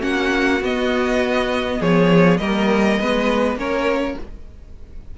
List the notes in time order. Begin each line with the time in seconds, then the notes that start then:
0.00 A#3 C#4 F#4 F#5
0.61 B3 D#5
1.80 F3 G#4 C#5
2.37 G3 A#3 A#4 D#5
2.99 G#3 B3 B4
3.55 A#3 C#4 A#4 C#5